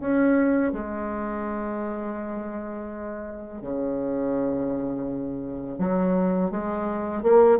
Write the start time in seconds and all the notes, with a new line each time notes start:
0.00 C#4
0.72 G#3
3.62 C#3
5.78 F#3
6.51 G#3
7.23 A#3